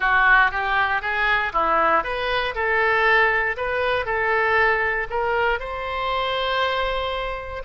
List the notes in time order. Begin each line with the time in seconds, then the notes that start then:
0.00 F#4
0.51 G4
1.01 G#4
1.53 E4
2.03 B4
2.54 A4
3.56 B4
4.05 A4
5.10 A#4
5.59 C5